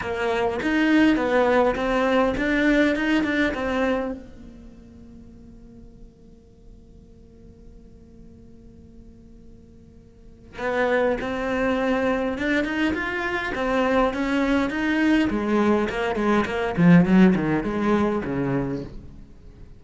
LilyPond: \new Staff \with { instrumentName = "cello" } { \time 4/4 \tempo 4 = 102 ais4 dis'4 b4 c'4 | d'4 dis'8 d'8 c'4 ais4~ | ais1~ | ais1~ |
ais2 b4 c'4~ | c'4 d'8 dis'8 f'4 c'4 | cis'4 dis'4 gis4 ais8 gis8 | ais8 f8 fis8 dis8 gis4 cis4 | }